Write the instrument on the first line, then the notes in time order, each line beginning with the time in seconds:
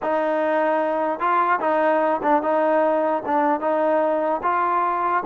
trombone
0.02 D#4
1.19 F4
1.60 D#4
2.23 D4
2.42 D#4
3.25 D4
3.60 D#4
4.43 F4